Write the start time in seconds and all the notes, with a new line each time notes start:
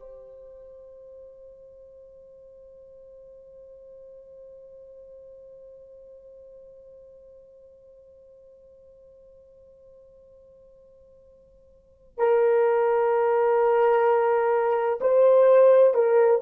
0.00 C5
12.18 A#4
15.01 C5
15.95 A#4